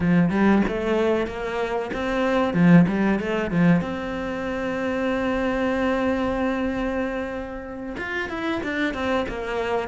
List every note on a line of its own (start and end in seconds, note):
0.00 0.30 F3
0.30 0.62 G3
0.68 1.26 A3
1.26 1.90 A#3
1.93 2.53 C4
2.53 2.85 F3
2.88 3.19 G3
3.19 3.50 A3
3.50 3.81 F3
3.81 7.96 C4
7.97 8.29 F4
8.29 8.61 E4
8.63 8.94 D4
8.94 9.26 C4
9.28 9.88 A#3